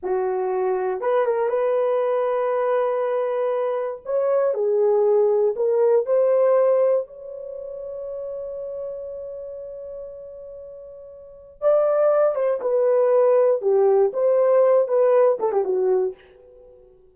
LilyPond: \new Staff \with { instrumentName = "horn" } { \time 4/4 \tempo 4 = 119 fis'2 b'8 ais'8 b'4~ | b'1 | cis''4 gis'2 ais'4 | c''2 cis''2~ |
cis''1~ | cis''2. d''4~ | d''8 c''8 b'2 g'4 | c''4. b'4 a'16 g'16 fis'4 | }